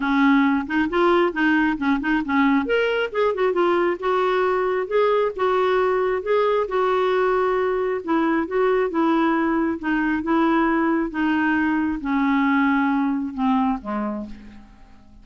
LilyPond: \new Staff \with { instrumentName = "clarinet" } { \time 4/4 \tempo 4 = 135 cis'4. dis'8 f'4 dis'4 | cis'8 dis'8 cis'4 ais'4 gis'8 fis'8 | f'4 fis'2 gis'4 | fis'2 gis'4 fis'4~ |
fis'2 e'4 fis'4 | e'2 dis'4 e'4~ | e'4 dis'2 cis'4~ | cis'2 c'4 gis4 | }